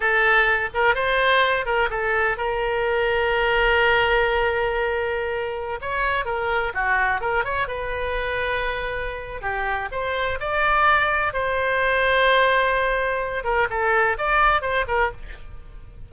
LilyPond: \new Staff \with { instrumentName = "oboe" } { \time 4/4 \tempo 4 = 127 a'4. ais'8 c''4. ais'8 | a'4 ais'2.~ | ais'1~ | ais'16 cis''4 ais'4 fis'4 ais'8 cis''16~ |
cis''16 b'2.~ b'8. | g'4 c''4 d''2 | c''1~ | c''8 ais'8 a'4 d''4 c''8 ais'8 | }